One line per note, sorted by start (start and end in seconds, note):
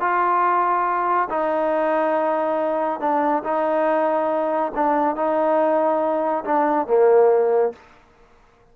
0.00 1.29 F4
1.29 3.00 D#4
3.00 3.43 D4
3.43 4.72 D#4
4.75 5.15 D4
5.15 6.44 D#4
6.44 6.87 D4
6.87 7.72 A#3